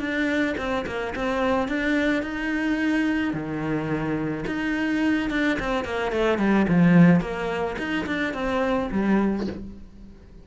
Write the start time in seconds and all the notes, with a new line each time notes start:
0.00 D4
0.58 C4
0.87 A#3
1.16 C4
1.69 D4
2.23 D#4
3.34 D#3
4.47 D#4
5.31 D4
5.60 C4
5.85 A#3
6.12 A3
6.39 G3
6.69 F3
7.21 A#3
7.79 D#4
8.07 D4
8.35 C4
8.92 G3